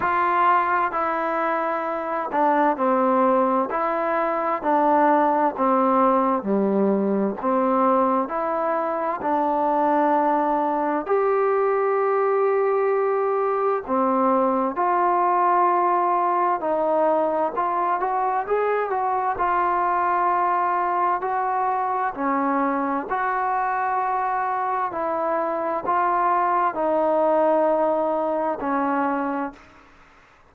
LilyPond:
\new Staff \with { instrumentName = "trombone" } { \time 4/4 \tempo 4 = 65 f'4 e'4. d'8 c'4 | e'4 d'4 c'4 g4 | c'4 e'4 d'2 | g'2. c'4 |
f'2 dis'4 f'8 fis'8 | gis'8 fis'8 f'2 fis'4 | cis'4 fis'2 e'4 | f'4 dis'2 cis'4 | }